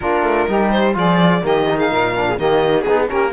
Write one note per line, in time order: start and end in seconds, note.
0.00 0.22 A#3
0.00 0.48 D4
0.00 0.48 F4
0.00 0.70 A#4
0.22 0.46 A3
0.48 0.95 G3
0.48 0.93 D#4
0.48 0.96 G4
0.70 0.94 C5
0.93 1.42 F3
0.93 1.40 F4
0.93 1.42 G#4
0.93 1.45 D5
1.41 1.91 D#3
1.41 1.65 A#3
1.41 1.77 G4
1.41 1.79 D#5
1.69 2.15 D#4
1.77 1.89 G#4
1.77 2.38 F5
1.91 2.37 A#2
1.91 2.27 A#4
2.15 2.38 D4
2.28 2.37 G#4
2.37 2.85 D#3
2.37 2.86 A#3
2.37 2.85 G4
2.37 2.81 D#5
2.81 3.09 B3
2.81 3.05 G#4
2.81 3.08 G#4
2.88 3.08 D#4
3.08 3.32 A#3
3.08 3.31 C#4
3.08 3.32 G4
3.08 3.32 A#4